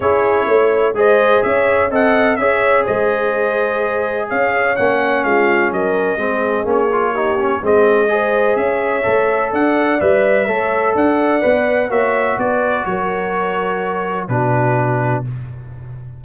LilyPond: <<
  \new Staff \with { instrumentName = "trumpet" } { \time 4/4 \tempo 4 = 126 cis''2 dis''4 e''4 | fis''4 e''4 dis''2~ | dis''4 f''4 fis''4 f''4 | dis''2 cis''2 |
dis''2 e''2 | fis''4 e''2 fis''4~ | fis''4 e''4 d''4 cis''4~ | cis''2 b'2 | }
  \new Staff \with { instrumentName = "horn" } { \time 4/4 gis'4 cis''4 c''4 cis''4 | dis''4 cis''4 c''2~ | c''4 cis''2 f'4 | ais'4 gis'2 g'4 |
gis'4 c''4 cis''2 | d''2 cis''4 d''4~ | d''4 cis''4 b'4 ais'4~ | ais'2 fis'2 | }
  \new Staff \with { instrumentName = "trombone" } { \time 4/4 e'2 gis'2 | a'4 gis'2.~ | gis'2 cis'2~ | cis'4 c'4 cis'8 f'8 dis'8 cis'8 |
c'4 gis'2 a'4~ | a'4 b'4 a'2 | b'4 fis'2.~ | fis'2 d'2 | }
  \new Staff \with { instrumentName = "tuba" } { \time 4/4 cis'4 a4 gis4 cis'4 | c'4 cis'4 gis2~ | gis4 cis'4 ais4 gis4 | fis4 gis4 ais2 |
gis2 cis'4 a4 | d'4 g4 a4 d'4 | b4 ais4 b4 fis4~ | fis2 b,2 | }
>>